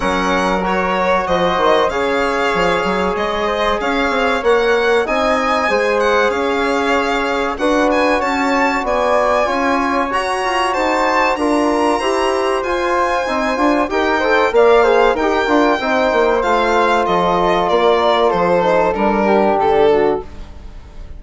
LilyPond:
<<
  \new Staff \with { instrumentName = "violin" } { \time 4/4 \tempo 4 = 95 fis''4 cis''4 dis''4 f''4~ | f''4 dis''4 f''4 fis''4 | gis''4. fis''8 f''2 | fis''8 gis''8 a''4 gis''2 |
ais''4 a''4 ais''2 | gis''2 g''4 f''4 | g''2 f''4 dis''4 | d''4 c''4 ais'4 a'4 | }
  \new Staff \with { instrumentName = "flute" } { \time 4/4 ais'2 c''4 cis''4~ | cis''4. c''8 cis''2 | dis''4 c''4 cis''2 | b'4 cis''4 d''4 cis''4~ |
cis''4 c''4 ais'4 c''4~ | c''2 ais'8 c''8 d''8 c''8 | ais'4 c''2 a'4 | ais'4 a'4. g'4 fis'8 | }
  \new Staff \with { instrumentName = "trombone" } { \time 4/4 cis'4 fis'2 gis'4~ | gis'2. ais'4 | dis'4 gis'2. | fis'2. f'4 |
fis'2 f'4 g'4 | f'4 dis'8 f'8 g'8 a'8 ais'8 gis'8 | g'8 f'8 dis'4 f'2~ | f'4. dis'8 d'2 | }
  \new Staff \with { instrumentName = "bassoon" } { \time 4/4 fis2 f8 dis8 cis4 | f8 fis8 gis4 cis'8 c'8 ais4 | c'4 gis4 cis'2 | d'4 cis'4 b4 cis'4 |
fis'8 f'8 dis'4 d'4 e'4 | f'4 c'8 d'8 dis'4 ais4 | dis'8 d'8 c'8 ais8 a4 f4 | ais4 f4 g4 d4 | }
>>